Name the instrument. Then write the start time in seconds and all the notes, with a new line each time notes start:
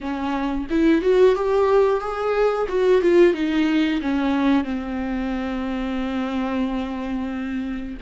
viola
0.00 C#4
0.69 E4
1.02 F#4
1.35 G4
2.00 G#4
2.68 F#4
3.01 F4
3.33 D#4
4.01 C#4
4.64 C4